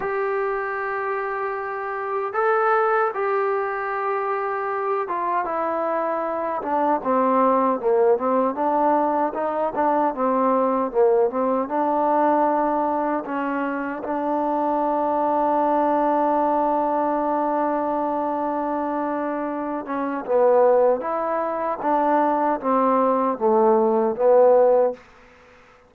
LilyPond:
\new Staff \with { instrumentName = "trombone" } { \time 4/4 \tempo 4 = 77 g'2. a'4 | g'2~ g'8 f'8 e'4~ | e'8 d'8 c'4 ais8 c'8 d'4 | dis'8 d'8 c'4 ais8 c'8 d'4~ |
d'4 cis'4 d'2~ | d'1~ | d'4. cis'8 b4 e'4 | d'4 c'4 a4 b4 | }